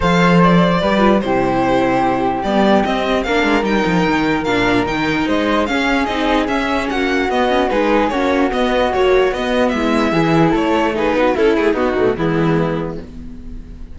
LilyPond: <<
  \new Staff \with { instrumentName = "violin" } { \time 4/4 \tempo 4 = 148 f''4 d''2 c''4~ | c''2 d''4 dis''4 | f''4 g''2 f''4 | g''4 dis''4 f''4 dis''4 |
e''4 fis''4 dis''4 b'4 | cis''4 dis''4 cis''4 dis''4 | e''2 cis''4 b'4 | a'8 gis'8 fis'4 e'2 | }
  \new Staff \with { instrumentName = "flute" } { \time 4/4 c''2 b'4 g'4~ | g'1 | ais'1~ | ais'4 c''4 gis'2~ |
gis'4 fis'2 gis'4 | fis'1 | e'4 gis'4 a'4 gis'8 fis'8 | e'4 dis'4 b2 | }
  \new Staff \with { instrumentName = "viola" } { \time 4/4 a'2 g'8 f'8 e'4~ | e'2 b4 c'4 | d'4 dis'2 d'4 | dis'2 cis'4 dis'4 |
cis'2 b8 cis'8 dis'4 | cis'4 b4 fis4 b4~ | b4 e'2 dis'4 | e'4 b8 a8 gis2 | }
  \new Staff \with { instrumentName = "cello" } { \time 4/4 f2 g4 c4~ | c2 g4 c'4 | ais8 gis8 g8 f8 dis4 ais,4 | dis4 gis4 cis'4 c'4 |
cis'4 ais4 b4 gis4 | ais4 b4 ais4 b4 | gis4 e4 a4. b8 | cis'8 a8 b8 b,8 e2 | }
>>